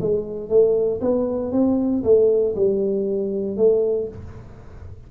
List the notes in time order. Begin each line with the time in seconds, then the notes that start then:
0.00 G#3
0.49 A3
1.00 B3
1.52 C4
2.03 A3
2.55 G3
3.56 A3